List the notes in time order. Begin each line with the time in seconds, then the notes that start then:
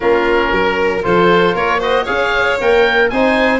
0.00 A#3 C#4 F4 A#4
0.51 F#3 A#4
1.02 F3 F4 A4 C5
1.54 A#3 A#4 C#5
1.79 F#4 C5 D#5
2.03 C#4 G#4 C#5 F5
2.60 A#3 A#4 G5
3.09 C4 D#4 C5 G#5